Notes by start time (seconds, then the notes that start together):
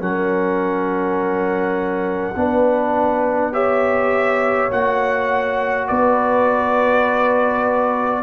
0.00 F#3 C#4 A#4 F#5
2.36 B3 D4 B4
3.53 G4 C#5 E5
4.71 A#3 F#4 F#5
5.88 B3 B4 D5